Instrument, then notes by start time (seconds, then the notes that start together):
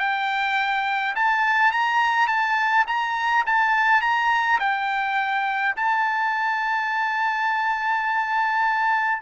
trumpet
0.00 G5
1.16 A5
1.72 A#5
2.28 A5
2.87 A#5
3.47 A5
4.02 A#5
4.60 G5
5.77 A5